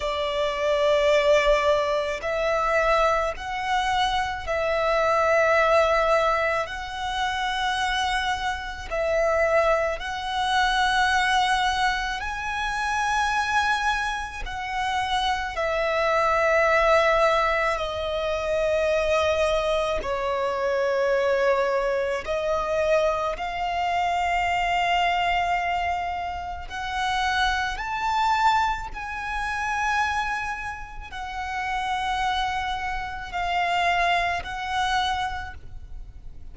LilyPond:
\new Staff \with { instrumentName = "violin" } { \time 4/4 \tempo 4 = 54 d''2 e''4 fis''4 | e''2 fis''2 | e''4 fis''2 gis''4~ | gis''4 fis''4 e''2 |
dis''2 cis''2 | dis''4 f''2. | fis''4 a''4 gis''2 | fis''2 f''4 fis''4 | }